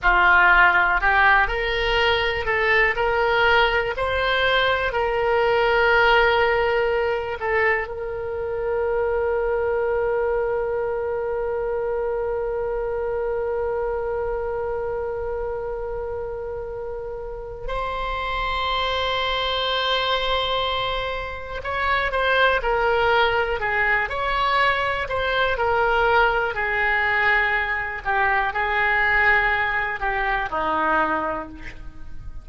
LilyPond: \new Staff \with { instrumentName = "oboe" } { \time 4/4 \tempo 4 = 61 f'4 g'8 ais'4 a'8 ais'4 | c''4 ais'2~ ais'8 a'8 | ais'1~ | ais'1~ |
ais'2 c''2~ | c''2 cis''8 c''8 ais'4 | gis'8 cis''4 c''8 ais'4 gis'4~ | gis'8 g'8 gis'4. g'8 dis'4 | }